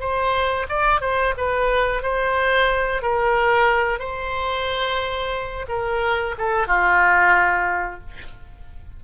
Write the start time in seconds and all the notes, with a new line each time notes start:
0.00 C5
0.69 D5
1.01 C5
1.37 B4
2.02 C5
3.02 A#4
3.99 C5
5.68 A#4
6.38 A4
6.67 F4